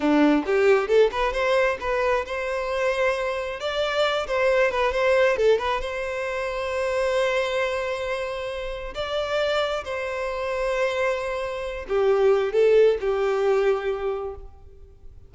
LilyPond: \new Staff \with { instrumentName = "violin" } { \time 4/4 \tempo 4 = 134 d'4 g'4 a'8 b'8 c''4 | b'4 c''2. | d''4. c''4 b'8 c''4 | a'8 b'8 c''2.~ |
c''1 | d''2 c''2~ | c''2~ c''8 g'4. | a'4 g'2. | }